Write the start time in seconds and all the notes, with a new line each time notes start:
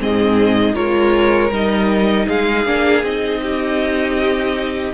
0.00 G#2 C4 G#4 D#5
0.74 G#3 F4 A#4 C#5
1.51 G3 D#4 D#5
2.26 G#3 G#4 F5
2.66 A#3 D4
3.03 C4 D#4 D#5
3.43 G4